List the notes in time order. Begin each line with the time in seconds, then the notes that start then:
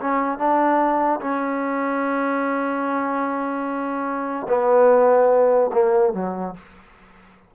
0.00 C#4
0.38 D4
1.20 C#4
4.48 B3
5.73 A#3
6.13 F#3